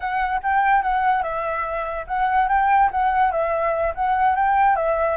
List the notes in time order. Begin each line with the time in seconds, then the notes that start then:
0.00 F#5
0.42 G5
0.82 F#5
1.22 E5
2.07 F#5
2.48 G5
2.91 F#5
3.31 E5
3.94 F#5
4.35 G5
4.76 E5